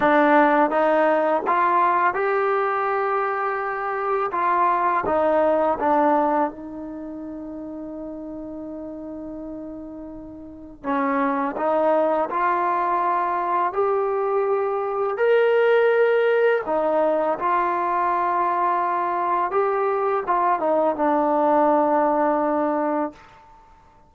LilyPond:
\new Staff \with { instrumentName = "trombone" } { \time 4/4 \tempo 4 = 83 d'4 dis'4 f'4 g'4~ | g'2 f'4 dis'4 | d'4 dis'2.~ | dis'2. cis'4 |
dis'4 f'2 g'4~ | g'4 ais'2 dis'4 | f'2. g'4 | f'8 dis'8 d'2. | }